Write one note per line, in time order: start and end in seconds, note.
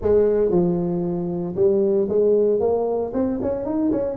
0.01 0.50 G#3
0.50 1.55 F3
1.55 2.08 G3
2.08 2.60 G#3
2.60 3.12 A#3
3.13 3.39 C4
3.42 3.65 C#4
3.65 3.91 D#4
3.91 4.16 C#4